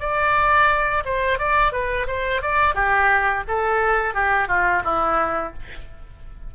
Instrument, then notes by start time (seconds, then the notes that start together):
oboe
0.00 D5
1.05 C5
1.39 D5
1.72 B4
2.07 C5
2.42 D5
2.75 G4
3.48 A4
4.14 G4
4.48 F4
4.84 E4